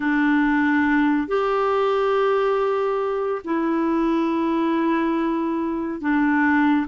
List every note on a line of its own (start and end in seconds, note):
0.00 1.27 D4
1.27 3.42 G4
3.44 6.00 E4
6.00 6.86 D4